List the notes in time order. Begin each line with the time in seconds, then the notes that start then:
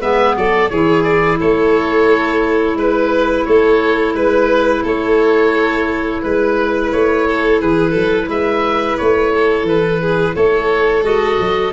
0.00 G#3 B3 B4 E5
0.35 F#3 A4 D5
0.69 E3 E4 G#4 C#5
1.03 D5
1.39 A3 A4 C#5
2.75 G#3 B4
3.45 A3 A4 C#5
4.14 G#3 B4
4.83 A3 A4 C#5
6.22 G#3 B4
6.92 A3 C#5
7.27 A4
7.61 E3 G#4 B4
7.91 F#3 A4
8.28 G#3 B4 E5
8.97 A3 C#5
9.34 A4
9.63 E3 B4
10.02 G#4
10.35 A3 A4 C#5
11.03 G#3 F#4 D#5
11.40 F#3